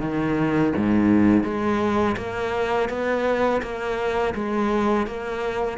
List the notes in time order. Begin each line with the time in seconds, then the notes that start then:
0.00 D#3
0.76 G#2
1.43 G#3
2.17 A#3
2.89 B3
3.61 A#3
4.34 G#3
5.06 A#3